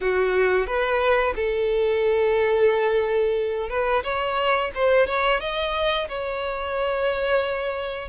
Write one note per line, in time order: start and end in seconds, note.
0.01 0.66 F#4
0.66 1.34 B4
1.35 3.69 A4
3.69 4.03 B4
4.03 4.71 C#5
4.74 5.07 C5
5.07 5.40 C#5
5.40 6.08 D#5
6.08 8.08 C#5